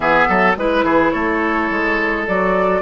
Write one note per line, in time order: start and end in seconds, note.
0.00 0.25 E3
0.00 0.56 B3
0.00 0.28 G#4
0.00 0.52 E5
0.28 0.56 F#3
0.28 0.56 A4
0.56 0.83 G#3
0.56 2.27 E4
0.56 1.10 B4
0.56 0.85 B4
0.83 1.11 E3
0.83 1.12 G#4
1.10 1.70 A3
1.10 2.81 A4
1.10 2.24 C#5
1.70 2.27 G#3
2.27 2.81 F#3
2.27 2.81 F#4
2.27 2.81 D5